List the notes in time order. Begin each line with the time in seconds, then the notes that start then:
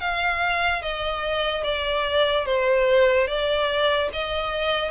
0.00 F5
0.82 D#5
1.63 D5
2.45 C5
3.27 D5
4.12 D#5